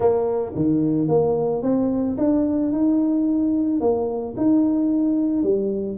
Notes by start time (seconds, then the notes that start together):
0.00 A#3
0.55 D#3
1.08 A#3
1.62 C4
2.17 D4
2.71 D#4
3.80 A#3
4.36 D#4
5.43 G3